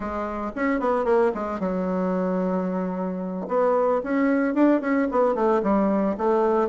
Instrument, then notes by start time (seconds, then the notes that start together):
bassoon
0.00 G#3
0.55 C#4
0.80 B3
1.04 A#3
1.34 G#3
1.59 F#3
3.47 B3
4.03 C#4
4.54 D4
4.81 C#4
5.11 B3
5.34 A3
5.62 G3
6.17 A3